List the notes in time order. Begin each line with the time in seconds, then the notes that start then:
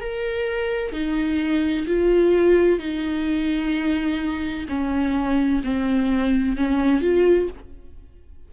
0.00 A#4
0.92 D#4
1.87 F4
2.79 D#4
4.68 C#4
5.63 C4
6.56 C#4
7.01 F4